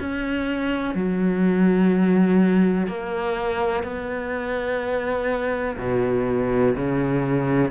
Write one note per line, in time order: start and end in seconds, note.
0.00 0.95 C#4
0.95 2.88 F#3
2.88 3.84 A#3
3.84 5.77 B3
5.78 6.75 B2
6.77 7.72 C#3